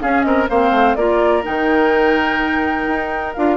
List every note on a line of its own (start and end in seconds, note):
0.00 0.48 C#4
0.00 0.25 C#4
0.00 0.26 G#4
0.00 0.23 F5
0.23 0.49 C4
0.23 0.50 A#4
0.23 0.47 D#5
0.50 0.71 A#3
0.50 0.98 C4
0.50 0.97 C5
0.50 0.96 F5
0.71 0.95 A3
0.96 1.44 A#3
0.96 1.42 F4
0.96 3.57 A#4
0.96 1.43 D5
1.42 2.88 D#3
1.42 3.33 D#4
1.42 3.34 G5
2.88 3.35 D#4
3.34 3.57 D4
3.34 3.57 F4
3.34 3.57 F5